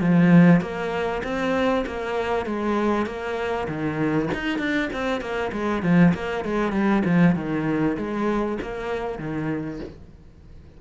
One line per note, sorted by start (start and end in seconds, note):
0.00 0.61 F3
0.61 1.22 A#3
1.23 1.84 C4
1.86 2.45 A#3
2.45 3.06 G#3
3.06 3.67 A#3
3.67 4.29 D#3
4.33 4.58 D#4
4.58 4.89 D4
4.92 5.20 C4
5.20 5.51 A#3
5.52 5.82 G#3
5.82 6.13 F3
6.14 6.44 A#3
6.44 6.72 G#3
6.72 7.02 G3
7.04 7.35 F3
7.35 7.96 D#3
7.97 8.58 G#3
8.62 9.18 A#3
9.18 9.79 D#3